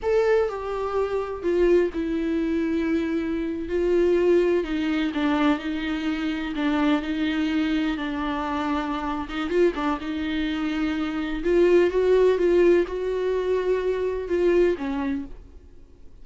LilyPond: \new Staff \with { instrumentName = "viola" } { \time 4/4 \tempo 4 = 126 a'4 g'2 f'4 | e'2.~ e'8. f'16~ | f'4.~ f'16 dis'4 d'4 dis'16~ | dis'4.~ dis'16 d'4 dis'4~ dis'16~ |
dis'8. d'2~ d'8. dis'8 | f'8 d'8 dis'2. | f'4 fis'4 f'4 fis'4~ | fis'2 f'4 cis'4 | }